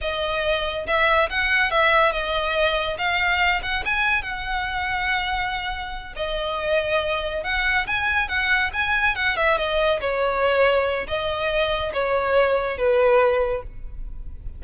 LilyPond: \new Staff \with { instrumentName = "violin" } { \time 4/4 \tempo 4 = 141 dis''2 e''4 fis''4 | e''4 dis''2 f''4~ | f''8 fis''8 gis''4 fis''2~ | fis''2~ fis''8 dis''4.~ |
dis''4. fis''4 gis''4 fis''8~ | fis''8 gis''4 fis''8 e''8 dis''4 cis''8~ | cis''2 dis''2 | cis''2 b'2 | }